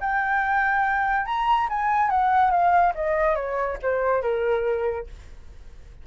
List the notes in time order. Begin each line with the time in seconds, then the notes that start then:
0.00 G5
1.25 A#5
1.69 G#5
2.10 F#5
2.50 F5
2.94 D#5
3.35 C#5
3.82 C5
4.22 A#4